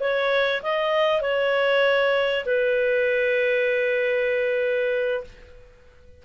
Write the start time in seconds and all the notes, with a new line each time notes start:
0.00 C#5
0.63 D#5
1.21 C#5
2.46 B4